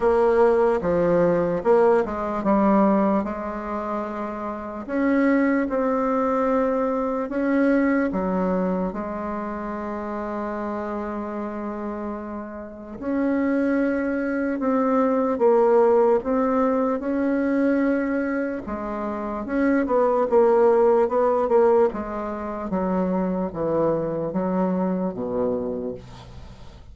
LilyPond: \new Staff \with { instrumentName = "bassoon" } { \time 4/4 \tempo 4 = 74 ais4 f4 ais8 gis8 g4 | gis2 cis'4 c'4~ | c'4 cis'4 fis4 gis4~ | gis1 |
cis'2 c'4 ais4 | c'4 cis'2 gis4 | cis'8 b8 ais4 b8 ais8 gis4 | fis4 e4 fis4 b,4 | }